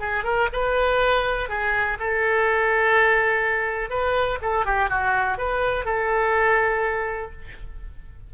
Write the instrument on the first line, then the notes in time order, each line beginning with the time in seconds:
oboe
0.00 G#4
0.24 A#4
0.53 B4
1.49 G#4
2.00 A4
3.90 B4
4.42 A4
4.66 G4
4.90 F#4
5.38 B4
5.85 A4